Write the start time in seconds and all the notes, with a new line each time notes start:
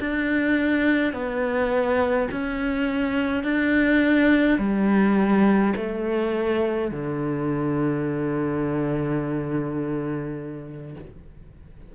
0.00 D4
1.13 B3
2.32 C#4
3.44 D4
4.59 G3
5.77 A3
6.91 D3